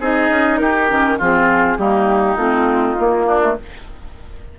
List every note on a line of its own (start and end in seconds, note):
0.00 0.30 C4
0.00 0.89 D#4
0.00 0.60 G#4
0.00 0.58 D#5
0.30 0.59 C#4
0.58 0.90 D#4
0.58 1.18 G4
0.58 1.17 A#4
0.89 1.20 D#3
0.89 1.19 C#4
1.18 1.78 F3
1.18 1.78 C4
1.18 1.78 F4
1.18 1.78 G#4
1.78 2.36 G3
1.78 2.38 A#3
1.78 3.26 D#4
1.78 2.37 G4
2.36 2.96 A3
2.36 2.98 C4
2.36 3.55 F4
2.98 3.41 A#3
2.98 3.59 A#3
3.26 3.56 D4
3.41 3.56 A3